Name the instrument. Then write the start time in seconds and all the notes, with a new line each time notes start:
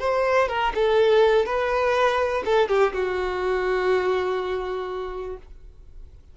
violin
0.00 C5
0.49 A#4
0.75 A4
1.46 B4
2.46 A4
2.69 G4
2.94 F#4